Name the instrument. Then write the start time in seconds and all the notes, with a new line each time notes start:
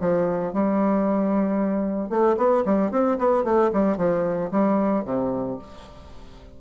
bassoon
0.00 F3
0.53 G3
2.09 A3
2.37 B3
2.65 G3
2.91 C4
3.18 B3
3.44 A3
3.72 G3
3.97 F3
4.51 G3
5.05 C3